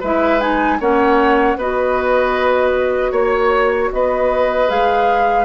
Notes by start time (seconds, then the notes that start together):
0.00 G#3 E4 B4 E5
0.40 D#4 G#5
0.80 A#3 C#4 C#5 F#5
1.56 B3 F#4 B4 D#5
3.12 A#3 C#5
3.93 B3 B4 D#5
4.69 G#3 G#4 F5